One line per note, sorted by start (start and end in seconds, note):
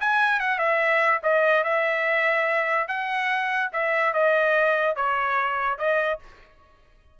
0.00 0.39 G#5
0.39 0.58 F#5
0.58 1.21 E5
1.23 1.64 D#5
1.64 2.88 E5
2.88 3.70 F#5
3.72 4.13 E5
4.13 4.95 D#5
4.95 5.78 C#5
5.78 6.19 D#5